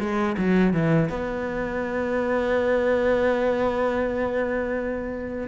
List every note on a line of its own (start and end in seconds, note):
0.00 0.37 G#3
0.38 0.74 F#3
0.74 1.09 E3
1.09 5.48 B3